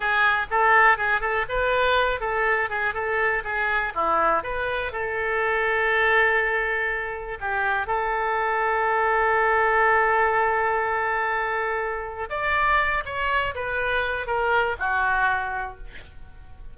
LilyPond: \new Staff \with { instrumentName = "oboe" } { \time 4/4 \tempo 4 = 122 gis'4 a'4 gis'8 a'8 b'4~ | b'8 a'4 gis'8 a'4 gis'4 | e'4 b'4 a'2~ | a'2. g'4 |
a'1~ | a'1~ | a'4 d''4. cis''4 b'8~ | b'4 ais'4 fis'2 | }